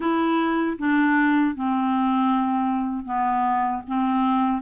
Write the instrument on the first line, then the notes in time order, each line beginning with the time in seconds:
clarinet
0.00 E4
0.78 D4
1.55 C4
3.05 B3
3.87 C4